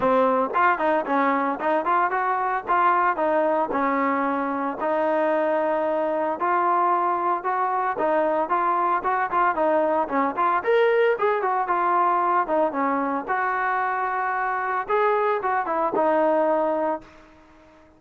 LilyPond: \new Staff \with { instrumentName = "trombone" } { \time 4/4 \tempo 4 = 113 c'4 f'8 dis'8 cis'4 dis'8 f'8 | fis'4 f'4 dis'4 cis'4~ | cis'4 dis'2. | f'2 fis'4 dis'4 |
f'4 fis'8 f'8 dis'4 cis'8 f'8 | ais'4 gis'8 fis'8 f'4. dis'8 | cis'4 fis'2. | gis'4 fis'8 e'8 dis'2 | }